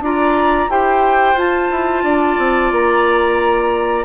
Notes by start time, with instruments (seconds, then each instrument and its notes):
0.00 bassoon D4, clarinet F4, oboe D5, flute A#5
0.68 bassoon E4, clarinet G4, oboe C5, flute G5
1.34 bassoon F4, clarinet F4, flute A5
1.71 bassoon E4
2.03 bassoon D4, oboe D5
2.38 bassoon C4
2.71 bassoon A#3, flute A#5